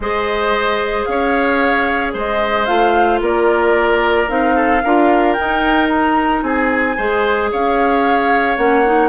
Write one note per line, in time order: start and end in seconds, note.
0.00 1.04 G#3
0.00 2.67 G#4
0.00 1.09 C5
0.00 1.05 D#5
1.05 2.14 C#4
1.05 2.13 C#5
1.05 2.12 F5
2.13 2.67 G#3
2.13 3.20 C5
2.13 2.65 D#5
2.65 3.20 A3
2.65 4.27 F4
2.65 3.19 F5
3.20 4.27 A#3
3.20 4.55 A#4
3.20 4.29 D5
4.27 4.83 C4
4.27 4.81 D#4
4.27 5.33 F5
4.55 4.82 A4
4.83 5.37 D4
4.83 5.37 F4
4.83 6.44 A#4
5.33 6.97 D#4
5.33 6.42 D#4
5.33 5.86 G5
5.88 6.42 A#5
6.42 6.95 C4
6.42 6.96 G#4
6.42 7.50 G#5
6.96 7.52 G#3
6.96 8.57 G#4
6.96 7.50 C5
7.51 8.57 C#4
7.51 9.09 C#5
7.51 8.57 F5
8.57 9.09 A#3
8.57 8.84 C#4
8.57 9.09 F#5
8.85 9.09 D#4